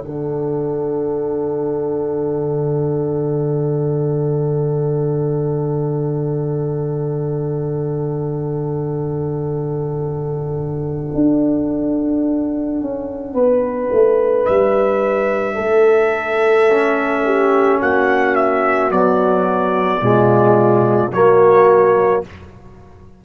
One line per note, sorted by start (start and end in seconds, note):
0.00 11.11 D3
0.00 16.68 D4
0.00 13.33 A4
0.00 14.46 F#5
11.15 12.81 D4
12.81 13.34 C#4
13.33 13.89 B3
13.33 15.55 B4
13.92 14.48 A3
14.46 15.59 G3
14.46 17.79 E5
15.55 17.81 A3
15.55 17.22 A4
16.70 18.91 C#4
17.25 17.80 G4
17.80 18.92 A#3
17.80 20.02 F#4
17.80 18.35 F#5
18.35 18.91 E5
18.91 20.01 F#3
18.91 20.02 B3
18.91 21.12 D5
20.01 21.12 B2
20.01 21.12 G#3
20.01 21.14 F4
21.12 22.23 F#3
21.12 22.24 A#3
21.12 22.25 F#4
21.12 22.24 C#5